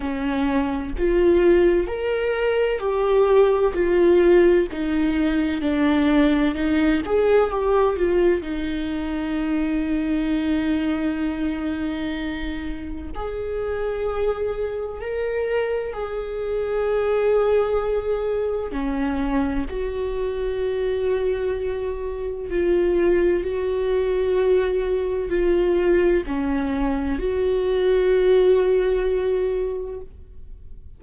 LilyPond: \new Staff \with { instrumentName = "viola" } { \time 4/4 \tempo 4 = 64 cis'4 f'4 ais'4 g'4 | f'4 dis'4 d'4 dis'8 gis'8 | g'8 f'8 dis'2.~ | dis'2 gis'2 |
ais'4 gis'2. | cis'4 fis'2. | f'4 fis'2 f'4 | cis'4 fis'2. | }